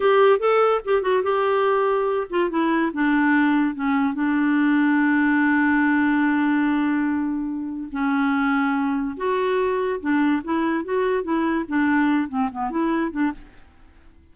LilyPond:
\new Staff \with { instrumentName = "clarinet" } { \time 4/4 \tempo 4 = 144 g'4 a'4 g'8 fis'8 g'4~ | g'4. f'8 e'4 d'4~ | d'4 cis'4 d'2~ | d'1~ |
d'2. cis'4~ | cis'2 fis'2 | d'4 e'4 fis'4 e'4 | d'4. c'8 b8 e'4 d'8 | }